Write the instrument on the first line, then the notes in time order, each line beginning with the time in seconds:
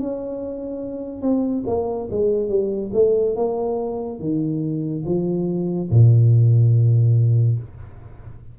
tuba
0.00 C#4
1.22 C4
1.67 A#3
2.11 G#3
2.49 G3
2.93 A3
3.36 A#3
4.20 D#3
5.05 F3
5.90 A#2